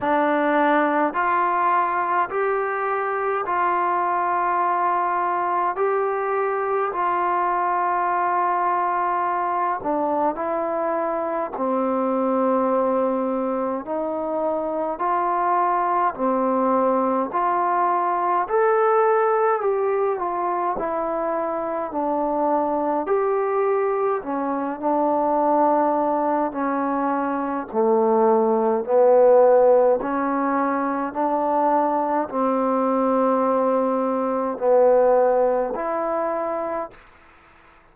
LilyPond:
\new Staff \with { instrumentName = "trombone" } { \time 4/4 \tempo 4 = 52 d'4 f'4 g'4 f'4~ | f'4 g'4 f'2~ | f'8 d'8 e'4 c'2 | dis'4 f'4 c'4 f'4 |
a'4 g'8 f'8 e'4 d'4 | g'4 cis'8 d'4. cis'4 | a4 b4 cis'4 d'4 | c'2 b4 e'4 | }